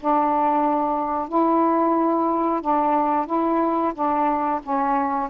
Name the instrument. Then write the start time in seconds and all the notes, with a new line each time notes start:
saxophone
0.00 D4
1.28 E4
2.61 D4
3.26 E4
3.94 D4
4.63 C#4